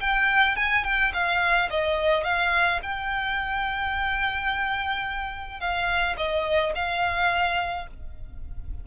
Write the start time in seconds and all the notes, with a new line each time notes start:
0.00 G5
0.56 G#5
0.84 G5
1.13 F5
1.70 D#5
2.24 F5
2.82 G5
5.60 F5
6.17 D#5
6.75 F5